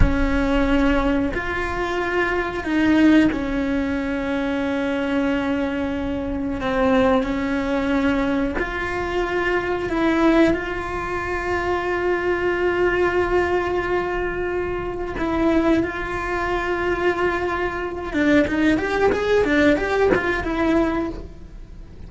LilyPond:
\new Staff \with { instrumentName = "cello" } { \time 4/4 \tempo 4 = 91 cis'2 f'2 | dis'4 cis'2.~ | cis'2 c'4 cis'4~ | cis'4 f'2 e'4 |
f'1~ | f'2. e'4 | f'2.~ f'8 d'8 | dis'8 g'8 gis'8 d'8 g'8 f'8 e'4 | }